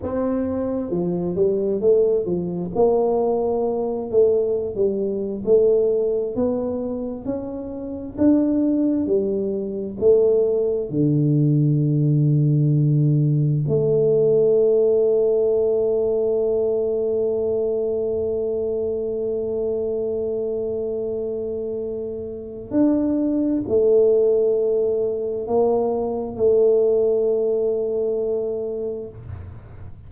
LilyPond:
\new Staff \with { instrumentName = "tuba" } { \time 4/4 \tempo 4 = 66 c'4 f8 g8 a8 f8 ais4~ | ais8 a8. g8. a4 b4 | cis'4 d'4 g4 a4 | d2. a4~ |
a1~ | a1~ | a4 d'4 a2 | ais4 a2. | }